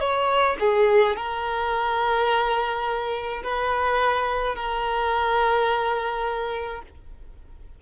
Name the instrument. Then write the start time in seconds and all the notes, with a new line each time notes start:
violin
0.00 C#5
0.60 G#4
1.16 A#4
3.43 B4
4.55 A#4